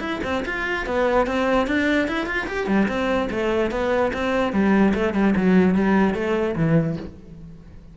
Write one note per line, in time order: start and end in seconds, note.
0.00 0.20 E4
0.24 0.45 C4
0.46 0.86 F4
0.86 1.27 B3
1.27 1.67 C4
1.67 2.08 D4
2.08 2.27 E4
2.27 2.47 F4
2.47 2.68 G4
2.68 2.88 G3
2.89 3.29 C4
3.31 3.71 A3
3.72 4.12 B3
4.14 4.53 C4
4.53 4.94 G3
4.94 5.14 A3
5.14 5.35 G3
5.37 5.75 F#3
5.75 6.14 G3
6.14 6.55 A3
6.56 6.97 E3